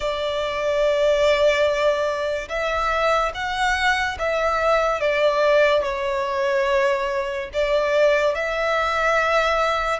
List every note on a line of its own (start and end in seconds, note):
0.00 2.48 D5
2.48 3.31 E5
3.34 4.17 F#5
4.18 5.00 E5
5.00 5.83 D5
5.83 7.50 C#5
7.53 8.34 D5
8.34 9.99 E5